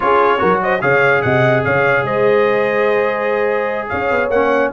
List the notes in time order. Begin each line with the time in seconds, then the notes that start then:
0.00 C#4 F4 G#4 C#5
0.38 F#3 F#4 A#4
0.62 C5 D#5
0.81 C#3 G#4 C#5 F5
1.22 C3 D#5 F#5
1.64 C#3 C#5 F5
2.02 G#3 C5 D#5
3.88 C#4 C#5 F5
4.10 B3
4.29 A#3 C#4 F#5